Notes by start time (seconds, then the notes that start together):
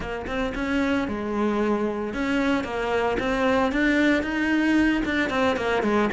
0.00 A#3
0.27 C4
0.54 C#4
1.08 G#3
2.13 C#4
2.64 A#3
3.19 C4
3.72 D4
4.22 D#4
5.05 D4
5.29 C4
5.56 A#3
5.82 G#3